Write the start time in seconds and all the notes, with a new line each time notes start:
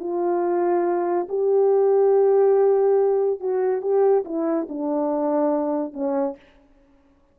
0.00 F4
1.29 G4
3.40 F#4
3.82 G4
4.25 E4
4.69 D4
5.94 C#4